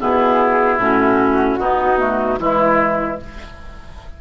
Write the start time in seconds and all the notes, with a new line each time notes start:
0.00 B2 B3 E4 G#4
0.78 A2 C#4 F#4
1.58 B2 B3 D#4
1.99 A3
2.39 E3 G#3 E4